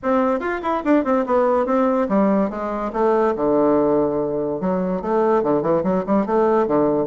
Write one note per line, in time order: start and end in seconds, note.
0.02 0.40 C4
0.40 0.61 F4
0.62 0.83 E4
0.84 1.04 D4
1.04 1.25 C4
1.26 1.66 B3
1.66 2.07 C4
2.09 2.50 G3
2.50 2.91 G#3
2.92 3.34 A3
3.35 4.60 D3
4.60 5.01 F#3
5.01 5.43 A3
5.43 5.62 D3
5.62 5.82 E3
5.83 6.04 F#3
6.06 6.26 G3
6.26 6.67 A3
6.67 7.06 D3